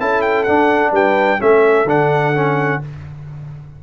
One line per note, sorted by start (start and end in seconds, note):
0.00 0.47 C#4
0.00 0.46 E4
0.00 0.92 A4
0.00 0.22 A5
0.22 0.44 G5
0.44 1.39 D4
0.44 0.92 D4
0.44 0.91 F#5
0.92 1.39 G3
0.92 1.39 B4
0.92 1.41 G5
1.39 1.84 A3
1.39 1.86 C#4
1.39 2.82 A4
1.39 1.89 E5
1.84 2.79 D3
1.84 2.34 D4
1.84 2.83 F#5
2.34 2.82 C#4